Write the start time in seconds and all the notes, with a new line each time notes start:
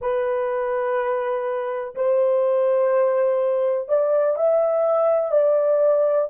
0.01 B4
1.95 C5
3.88 D5
4.36 E5
5.31 D5